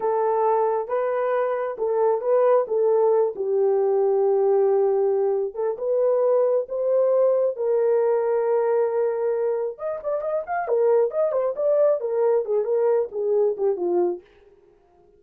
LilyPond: \new Staff \with { instrumentName = "horn" } { \time 4/4 \tempo 4 = 135 a'2 b'2 | a'4 b'4 a'4. g'8~ | g'1~ | g'8 a'8 b'2 c''4~ |
c''4 ais'2.~ | ais'2 dis''8 d''8 dis''8 f''8 | ais'4 dis''8 c''8 d''4 ais'4 | gis'8 ais'4 gis'4 g'8 f'4 | }